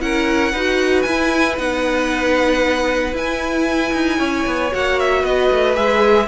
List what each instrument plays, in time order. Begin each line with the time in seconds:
0.00 cello C#4, viola E4, violin A#4 F#5
0.52 cello D#4, viola F#4, violin B4
1.02 cello E4, viola E4, violin G#5
1.57 cello B3, viola D#4, violin F#5
3.13 viola E4, cello E4, violin G#5
3.93 cello D#4
4.18 cello C#4, violin C#5
4.46 cello B3
4.71 cello A#3, viola F#4, violin F#5
4.99 violin E5
5.21 cello B3, violin B4 D#5
5.51 cello A3
5.75 cello G#3, viola G#4, violin E5